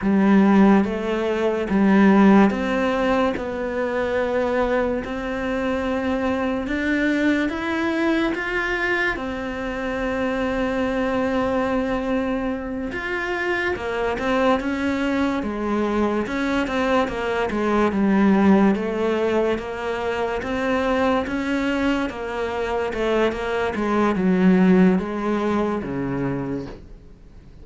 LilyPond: \new Staff \with { instrumentName = "cello" } { \time 4/4 \tempo 4 = 72 g4 a4 g4 c'4 | b2 c'2 | d'4 e'4 f'4 c'4~ | c'2.~ c'8 f'8~ |
f'8 ais8 c'8 cis'4 gis4 cis'8 | c'8 ais8 gis8 g4 a4 ais8~ | ais8 c'4 cis'4 ais4 a8 | ais8 gis8 fis4 gis4 cis4 | }